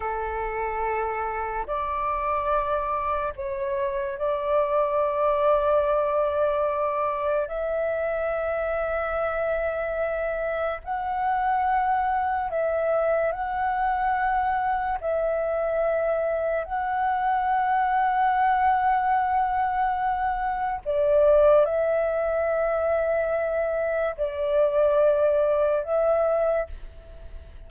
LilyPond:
\new Staff \with { instrumentName = "flute" } { \time 4/4 \tempo 4 = 72 a'2 d''2 | cis''4 d''2.~ | d''4 e''2.~ | e''4 fis''2 e''4 |
fis''2 e''2 | fis''1~ | fis''4 d''4 e''2~ | e''4 d''2 e''4 | }